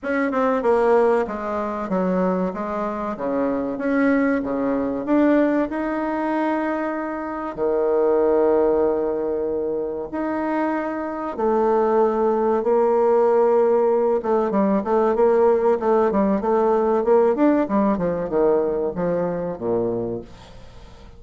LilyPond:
\new Staff \with { instrumentName = "bassoon" } { \time 4/4 \tempo 4 = 95 cis'8 c'8 ais4 gis4 fis4 | gis4 cis4 cis'4 cis4 | d'4 dis'2. | dis1 |
dis'2 a2 | ais2~ ais8 a8 g8 a8 | ais4 a8 g8 a4 ais8 d'8 | g8 f8 dis4 f4 ais,4 | }